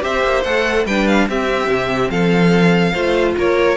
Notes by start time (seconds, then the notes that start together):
0.00 C4 G4 C5 E5
0.23 A#3
0.43 A3 A4 F#5
0.86 G3 D4 B4 G5
1.07 F5
1.28 C4 G4 E5
1.68 C3
2.10 F3 A4 F5
2.92 A3 F4 C5
3.37 A#3 A#4 C#5